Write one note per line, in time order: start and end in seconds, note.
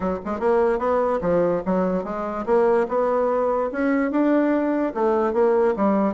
0.00 0.18 F#3
0.25 0.39 G#3
0.39 0.78 A#3
0.78 1.19 B3
1.21 1.62 F3
1.65 2.04 F#3
2.04 2.45 G#3
2.45 2.87 A#3
2.88 3.70 B3
3.71 4.11 C#4
4.11 4.93 D4
4.94 5.33 A3
5.33 5.74 A#3
5.76 6.13 G3